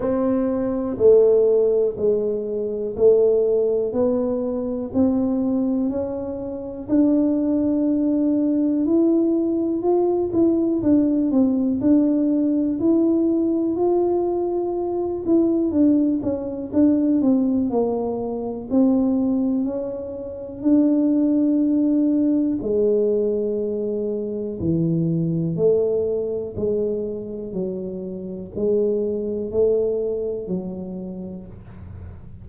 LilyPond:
\new Staff \with { instrumentName = "tuba" } { \time 4/4 \tempo 4 = 61 c'4 a4 gis4 a4 | b4 c'4 cis'4 d'4~ | d'4 e'4 f'8 e'8 d'8 c'8 | d'4 e'4 f'4. e'8 |
d'8 cis'8 d'8 c'8 ais4 c'4 | cis'4 d'2 gis4~ | gis4 e4 a4 gis4 | fis4 gis4 a4 fis4 | }